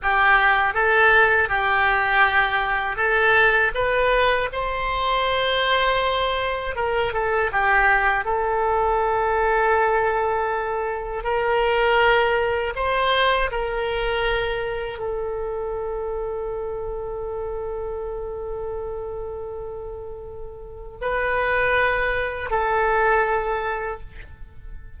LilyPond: \new Staff \with { instrumentName = "oboe" } { \time 4/4 \tempo 4 = 80 g'4 a'4 g'2 | a'4 b'4 c''2~ | c''4 ais'8 a'8 g'4 a'4~ | a'2. ais'4~ |
ais'4 c''4 ais'2 | a'1~ | a'1 | b'2 a'2 | }